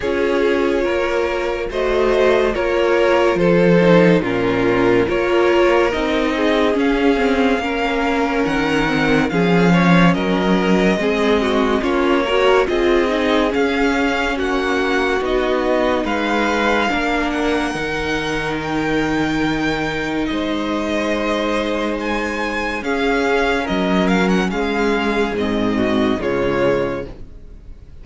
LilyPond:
<<
  \new Staff \with { instrumentName = "violin" } { \time 4/4 \tempo 4 = 71 cis''2 dis''4 cis''4 | c''4 ais'4 cis''4 dis''4 | f''2 fis''4 f''4 | dis''2 cis''4 dis''4 |
f''4 fis''4 dis''4 f''4~ | f''8 fis''4. g''2 | dis''2 gis''4 f''4 | dis''8 f''16 fis''16 f''4 dis''4 cis''4 | }
  \new Staff \with { instrumentName = "violin" } { \time 4/4 gis'4 ais'4 c''4 ais'4 | a'4 f'4 ais'4. gis'8~ | gis'4 ais'2 gis'8 cis''8 | ais'4 gis'8 fis'8 f'8 ais'8 gis'4~ |
gis'4 fis'2 b'4 | ais'1 | c''2. gis'4 | ais'4 gis'4. fis'8 f'4 | }
  \new Staff \with { instrumentName = "viola" } { \time 4/4 f'2 fis'4 f'4~ | f'8 dis'8 cis'4 f'4 dis'4 | cis'8 c'8 cis'4. c'8 cis'4~ | cis'4 c'4 cis'8 fis'8 f'8 dis'8 |
cis'2 dis'2 | d'4 dis'2.~ | dis'2. cis'4~ | cis'2 c'4 gis4 | }
  \new Staff \with { instrumentName = "cello" } { \time 4/4 cis'4 ais4 a4 ais4 | f4 ais,4 ais4 c'4 | cis'4 ais4 dis4 f4 | fis4 gis4 ais4 c'4 |
cis'4 ais4 b4 gis4 | ais4 dis2. | gis2. cis'4 | fis4 gis4 gis,4 cis4 | }
>>